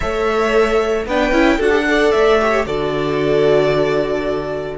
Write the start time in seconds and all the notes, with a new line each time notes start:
0.00 A3 A4 C#5 E5
1.06 B3 D4 B4 G5
1.31 C#4 E4
1.57 D4 F#4 A4 F#5
1.69 G4
1.87 A4 D5
2.11 A3 E5
2.40 G4 C#5
2.65 D3 F#4 A4 D5